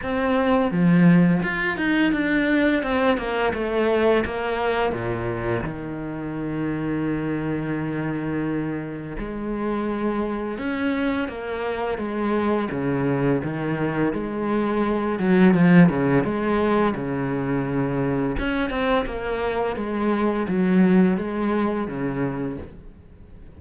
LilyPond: \new Staff \with { instrumentName = "cello" } { \time 4/4 \tempo 4 = 85 c'4 f4 f'8 dis'8 d'4 | c'8 ais8 a4 ais4 ais,4 | dis1~ | dis4 gis2 cis'4 |
ais4 gis4 cis4 dis4 | gis4. fis8 f8 cis8 gis4 | cis2 cis'8 c'8 ais4 | gis4 fis4 gis4 cis4 | }